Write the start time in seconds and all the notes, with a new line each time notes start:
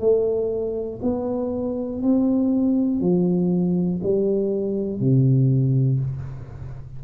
0.00 A3
1.02 B3
2.02 C4
3.01 F3
4.03 G3
5.00 C3